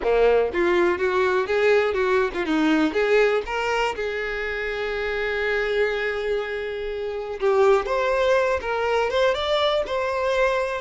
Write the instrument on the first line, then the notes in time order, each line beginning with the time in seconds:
violin
0.02 A#3
0.53 F4
0.98 F#4
1.46 G#4
1.93 F#4
2.33 F4
2.45 D#4
2.93 G#4
3.46 A#4
3.95 G#4
7.39 G4
7.86 C5
8.61 A#4
9.10 C5
9.34 D5
9.86 C5